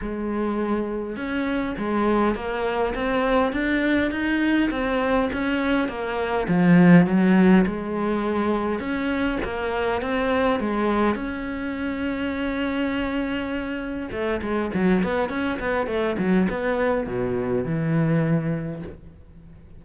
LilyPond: \new Staff \with { instrumentName = "cello" } { \time 4/4 \tempo 4 = 102 gis2 cis'4 gis4 | ais4 c'4 d'4 dis'4 | c'4 cis'4 ais4 f4 | fis4 gis2 cis'4 |
ais4 c'4 gis4 cis'4~ | cis'1 | a8 gis8 fis8 b8 cis'8 b8 a8 fis8 | b4 b,4 e2 | }